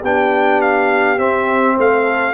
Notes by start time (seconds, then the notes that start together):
0.00 B3 D4 G4 G5
0.61 F5
1.17 C4 E5
1.76 A3 C5 F5
2.04 A4